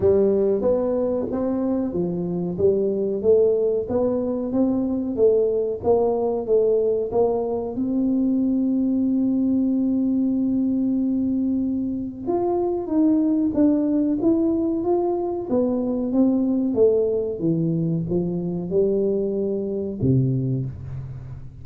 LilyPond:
\new Staff \with { instrumentName = "tuba" } { \time 4/4 \tempo 4 = 93 g4 b4 c'4 f4 | g4 a4 b4 c'4 | a4 ais4 a4 ais4 | c'1~ |
c'2. f'4 | dis'4 d'4 e'4 f'4 | b4 c'4 a4 e4 | f4 g2 c4 | }